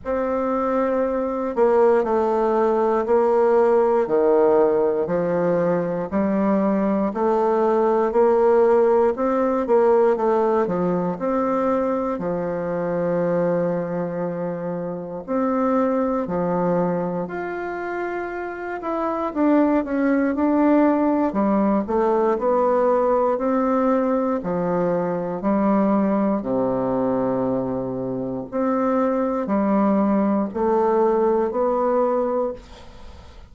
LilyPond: \new Staff \with { instrumentName = "bassoon" } { \time 4/4 \tempo 4 = 59 c'4. ais8 a4 ais4 | dis4 f4 g4 a4 | ais4 c'8 ais8 a8 f8 c'4 | f2. c'4 |
f4 f'4. e'8 d'8 cis'8 | d'4 g8 a8 b4 c'4 | f4 g4 c2 | c'4 g4 a4 b4 | }